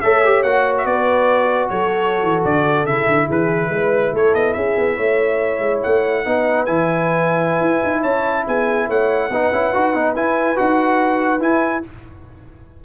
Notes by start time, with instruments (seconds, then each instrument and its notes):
0.00 tuba A3, trombone A4, horn C#5, trumpet E5
0.24 trombone G4
0.42 tuba A#3, trombone F#4, trumpet F#5
0.77 trumpet E5
0.84 tuba B3, horn B4, trumpet D5
1.69 tuba F#3, horn A4, trumpet C#5
2.22 tuba E3
2.44 tuba D3, trumpet D5
2.84 tuba C#3, trombone E4, trumpet E5
3.06 tuba D3
3.27 tuba E3, horn G#4, trumpet B4
3.69 tuba G#3, horn B4
4.12 tuba A3, horn A4, trumpet C#5
4.33 tuba B3, trumpet D#5
4.53 tuba C#4, horn G#4, trumpet E5
4.77 tuba B3
4.96 tuba A3, horn C#5
5.59 tuba G#3
5.82 tuba A3, trumpet F#5
6.25 tuba B3, trombone D#4, horn B4
6.65 tuba E3, trombone E4, trumpet G#5
7.60 tuba E4
7.83 tuba D#4
8.01 tuba C#4, horn C#5, trumpet A5
8.46 tuba B3, horn G#4, trumpet G#5
8.87 tuba A3, horn C#5, trumpet F#5
9.29 tuba B3, trombone D#4, horn B4
9.51 tuba C#4, trombone E4
9.73 tuba D#4, trombone F#4
9.94 tuba B3, trombone D#4
10.15 tuba E4, trombone E4, trumpet G#5
10.56 tuba D#4, trombone F#4, trumpet F#5
11.39 trombone E4, tuba E4, trumpet G#5